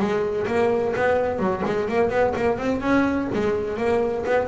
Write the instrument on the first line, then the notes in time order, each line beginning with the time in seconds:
double bass
0.00 G#3
0.48 A#3
0.96 B3
1.40 F#3
1.66 G#3
1.89 A#3
2.10 B3
2.36 A#3
2.58 C4
2.82 C#4
3.34 G#3
3.78 A#3
4.26 B3